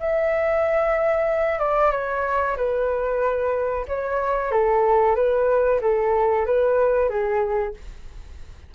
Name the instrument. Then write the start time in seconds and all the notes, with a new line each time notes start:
flute
0.00 E5
1.59 D5
1.92 C#5
2.57 B4
3.88 C#5
4.52 A4
5.16 B4
5.82 A4
6.46 B4
7.10 G#4